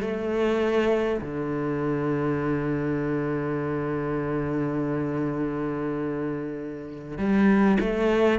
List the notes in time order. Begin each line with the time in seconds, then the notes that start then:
0.00 A3
1.21 D3
7.18 G3
7.79 A3